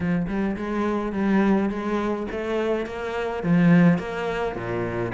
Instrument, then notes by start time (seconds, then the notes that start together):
cello
0.00 F3
0.27 G3
0.56 G#3
1.12 G3
1.69 G#3
2.31 A3
2.86 A#3
3.43 F3
3.98 A#3
4.55 A#2